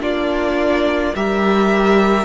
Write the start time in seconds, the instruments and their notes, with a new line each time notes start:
0.00 cello A#3, viola D4, violin F4 D5
1.15 cello G3, viola G4, violin A#4 E5